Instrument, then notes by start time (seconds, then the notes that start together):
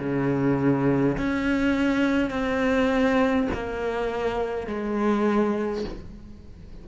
cello
0.00 C#3
1.18 C#4
2.30 C4
3.55 A#3
4.67 G#3